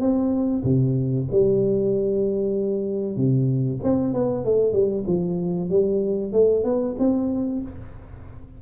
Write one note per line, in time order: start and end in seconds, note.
0.00 0.63 C4
0.63 1.27 C3
1.31 3.16 G3
3.16 3.80 C3
3.83 4.13 C4
4.13 4.45 B3
4.45 4.73 A3
4.73 5.04 G3
5.07 5.69 F3
5.69 6.32 G3
6.32 6.64 A3
6.64 6.95 B3
6.99 7.62 C4